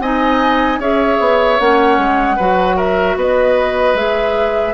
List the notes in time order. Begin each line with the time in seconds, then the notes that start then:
0.00 C4 D#4 D#5 G#5
0.79 C#4 G#4 C#5 E5
1.20 B3
1.59 A#3 C#4 F#5
1.98 G#3
2.37 F#3 F#4 B4
2.77 A#4 E5
3.16 B3 B4 D#5
3.95 G#3 G#4 E5